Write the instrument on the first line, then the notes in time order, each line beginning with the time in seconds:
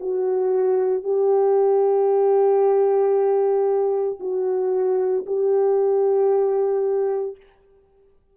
horn
0.00 F#4
1.03 G4
4.20 F#4
5.26 G4